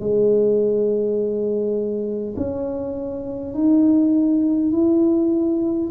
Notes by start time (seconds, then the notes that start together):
0.00 G#3
2.36 C#4
3.54 D#4
4.72 E4